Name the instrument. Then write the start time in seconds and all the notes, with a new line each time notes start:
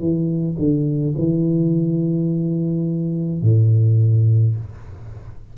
tuba
0.00 E3
0.59 D3
1.18 E3
3.42 A2